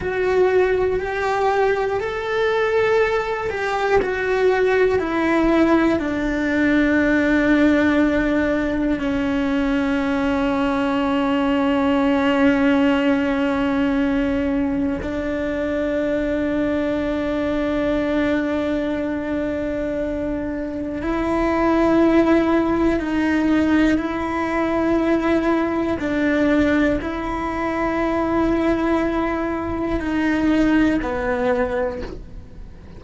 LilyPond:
\new Staff \with { instrumentName = "cello" } { \time 4/4 \tempo 4 = 60 fis'4 g'4 a'4. g'8 | fis'4 e'4 d'2~ | d'4 cis'2.~ | cis'2. d'4~ |
d'1~ | d'4 e'2 dis'4 | e'2 d'4 e'4~ | e'2 dis'4 b4 | }